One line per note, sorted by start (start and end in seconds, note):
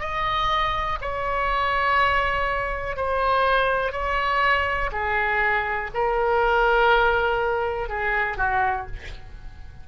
0.00 0.98 D#5
1.01 2.96 C#5
2.96 3.92 C5
3.92 4.90 C#5
4.92 5.91 G#4
5.94 7.89 A#4
7.89 8.37 G#4
8.37 8.87 F#4